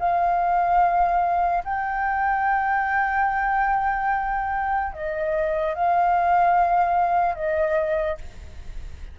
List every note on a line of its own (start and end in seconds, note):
0.00 1.64 F5
1.65 4.93 G5
4.94 5.75 D#5
5.75 7.36 F5
7.36 8.18 D#5